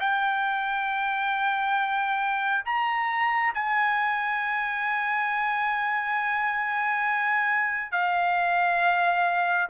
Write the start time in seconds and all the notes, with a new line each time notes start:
0.00 G5
2.66 A#5
3.55 G#5
7.92 F5